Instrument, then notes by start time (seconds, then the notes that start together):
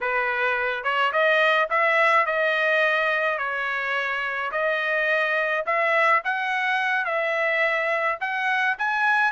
trumpet
0.00 B4
0.83 C#5
1.12 D#5
1.70 E5
2.26 D#5
3.38 C#5
4.51 D#5
5.66 E5
6.24 F#5
7.05 E5
8.20 F#5
8.78 G#5